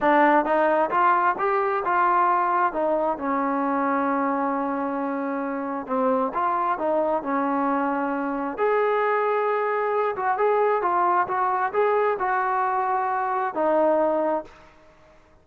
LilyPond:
\new Staff \with { instrumentName = "trombone" } { \time 4/4 \tempo 4 = 133 d'4 dis'4 f'4 g'4 | f'2 dis'4 cis'4~ | cis'1~ | cis'4 c'4 f'4 dis'4 |
cis'2. gis'4~ | gis'2~ gis'8 fis'8 gis'4 | f'4 fis'4 gis'4 fis'4~ | fis'2 dis'2 | }